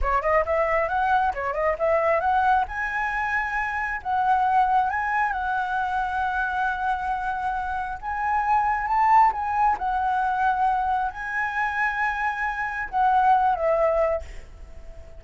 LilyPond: \new Staff \with { instrumentName = "flute" } { \time 4/4 \tempo 4 = 135 cis''8 dis''8 e''4 fis''4 cis''8 dis''8 | e''4 fis''4 gis''2~ | gis''4 fis''2 gis''4 | fis''1~ |
fis''2 gis''2 | a''4 gis''4 fis''2~ | fis''4 gis''2.~ | gis''4 fis''4. e''4. | }